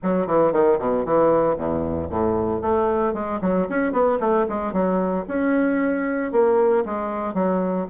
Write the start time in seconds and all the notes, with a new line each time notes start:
0.02 F#3
0.26 E3
0.52 D#3
0.79 B2
1.05 E3
1.56 E2
2.10 A2
2.61 A3
3.13 G#3
3.41 F#3
3.69 C#4
3.92 B3
4.20 A3
4.49 G#3
4.72 F#3
5.28 C#4
6.32 A#3
6.85 G#3
7.34 F#3